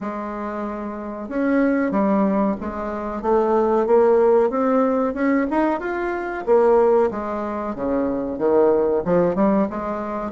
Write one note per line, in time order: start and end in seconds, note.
0.01 1.28 G#3
1.28 1.91 C#4
1.91 2.55 G3
2.60 3.22 G#3
3.22 3.86 A3
3.86 4.50 A#3
4.50 5.14 C4
5.14 5.46 C#4
5.50 5.80 D#4
5.80 6.44 F4
6.45 7.10 A#3
7.10 7.75 G#3
7.75 8.38 C#3
8.38 9.03 D#3
9.04 9.35 F3
9.35 9.67 G3
9.69 10.31 G#3